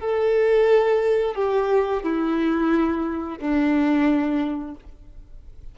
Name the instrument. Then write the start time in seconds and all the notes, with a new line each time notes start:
violin
0.00 A4
1.35 G4
2.03 E4
3.39 D4